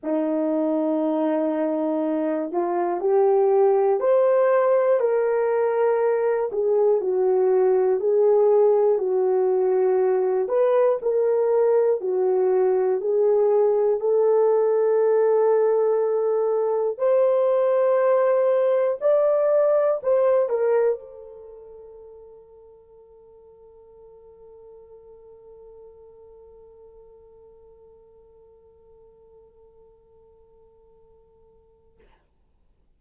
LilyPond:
\new Staff \with { instrumentName = "horn" } { \time 4/4 \tempo 4 = 60 dis'2~ dis'8 f'8 g'4 | c''4 ais'4. gis'8 fis'4 | gis'4 fis'4. b'8 ais'4 | fis'4 gis'4 a'2~ |
a'4 c''2 d''4 | c''8 ais'8 a'2.~ | a'1~ | a'1 | }